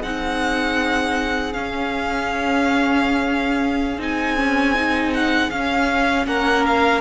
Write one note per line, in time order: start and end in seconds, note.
0.00 1.54 C4
0.00 1.53 D#4
0.00 6.27 G#4
0.00 1.53 F#5
1.53 3.99 C#4
1.53 3.98 C#4
1.53 4.00 F5
3.98 5.50 C4
3.98 4.37 D#4
3.98 5.14 G#5
4.37 4.75 C#4
4.75 5.50 D#4
5.14 5.50 F#5
5.50 6.27 C#4
5.50 7.01 C#4
5.50 6.26 F5
6.27 7.01 A#3
6.27 7.01 A#4
6.27 6.65 F#5
6.67 7.01 F5